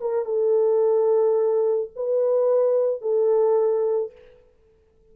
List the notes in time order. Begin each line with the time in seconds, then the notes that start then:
0.00 A#4
0.25 A4
1.95 B4
3.01 A4